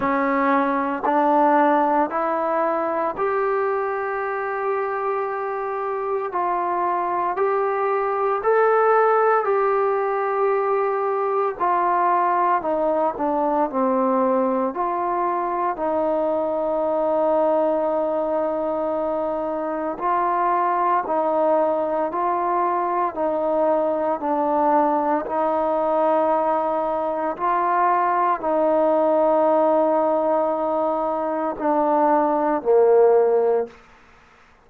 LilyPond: \new Staff \with { instrumentName = "trombone" } { \time 4/4 \tempo 4 = 57 cis'4 d'4 e'4 g'4~ | g'2 f'4 g'4 | a'4 g'2 f'4 | dis'8 d'8 c'4 f'4 dis'4~ |
dis'2. f'4 | dis'4 f'4 dis'4 d'4 | dis'2 f'4 dis'4~ | dis'2 d'4 ais4 | }